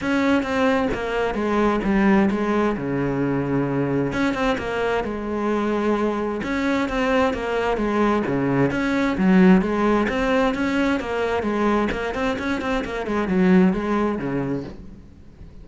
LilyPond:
\new Staff \with { instrumentName = "cello" } { \time 4/4 \tempo 4 = 131 cis'4 c'4 ais4 gis4 | g4 gis4 cis2~ | cis4 cis'8 c'8 ais4 gis4~ | gis2 cis'4 c'4 |
ais4 gis4 cis4 cis'4 | fis4 gis4 c'4 cis'4 | ais4 gis4 ais8 c'8 cis'8 c'8 | ais8 gis8 fis4 gis4 cis4 | }